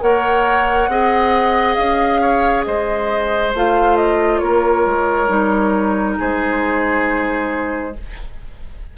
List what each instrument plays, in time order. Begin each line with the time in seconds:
0.00 bassoon A#3, clarinet A#4, oboe C#5, flute F#5
0.88 bassoon C4, clarinet G#4, oboe D#5
1.74 bassoon C#4, flute F5
2.21 oboe C#5
2.63 bassoon G#3, oboe C5, flute D#5
3.54 bassoon A3, clarinet F4, flute F5
3.96 flute D#5
4.39 bassoon A#3, oboe A#4, flute C#5
4.85 bassoon G#3
5.28 bassoon G3, clarinet D#4
6.18 bassoon G#3, oboe G#4, flute C5